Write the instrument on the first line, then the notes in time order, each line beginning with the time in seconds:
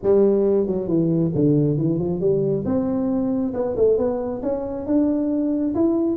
tuba
0.02 G3
0.66 F#3
0.87 E3
1.34 D3
1.77 E3
1.98 F3
2.20 G3
2.65 C4
3.53 B3
3.76 A3
3.97 B3
4.42 C#4
4.86 D4
5.75 E4